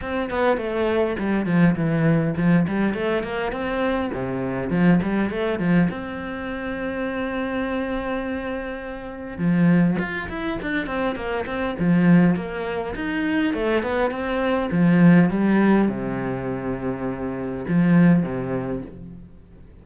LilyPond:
\new Staff \with { instrumentName = "cello" } { \time 4/4 \tempo 4 = 102 c'8 b8 a4 g8 f8 e4 | f8 g8 a8 ais8 c'4 c4 | f8 g8 a8 f8 c'2~ | c'1 |
f4 f'8 e'8 d'8 c'8 ais8 c'8 | f4 ais4 dis'4 a8 b8 | c'4 f4 g4 c4~ | c2 f4 c4 | }